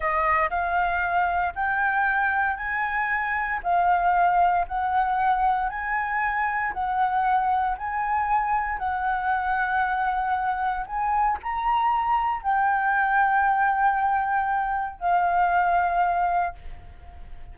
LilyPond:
\new Staff \with { instrumentName = "flute" } { \time 4/4 \tempo 4 = 116 dis''4 f''2 g''4~ | g''4 gis''2 f''4~ | f''4 fis''2 gis''4~ | gis''4 fis''2 gis''4~ |
gis''4 fis''2.~ | fis''4 gis''4 ais''2 | g''1~ | g''4 f''2. | }